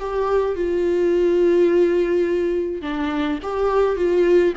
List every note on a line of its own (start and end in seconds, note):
0.00 0.56 G4
0.56 2.82 F4
2.82 3.39 D4
3.43 3.97 G4
3.97 4.54 F4